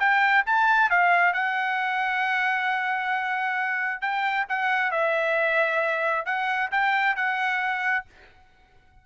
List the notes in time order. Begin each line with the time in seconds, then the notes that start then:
0.00 G5
0.47 A5
0.91 F5
1.34 F#5
4.02 G5
4.49 F#5
4.92 E5
6.26 F#5
6.72 G5
7.16 F#5